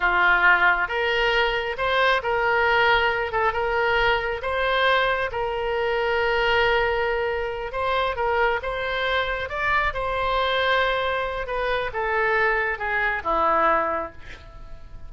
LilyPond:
\new Staff \with { instrumentName = "oboe" } { \time 4/4 \tempo 4 = 136 f'2 ais'2 | c''4 ais'2~ ais'8 a'8 | ais'2 c''2 | ais'1~ |
ais'4. c''4 ais'4 c''8~ | c''4. d''4 c''4.~ | c''2 b'4 a'4~ | a'4 gis'4 e'2 | }